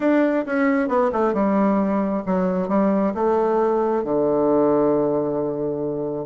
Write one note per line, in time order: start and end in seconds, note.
0.00 0.45 D4
0.45 0.88 C#4
0.88 1.10 B3
1.12 1.33 A3
1.33 2.23 G3
2.26 2.68 F#3
2.68 3.13 G3
3.14 4.04 A3
4.04 6.25 D3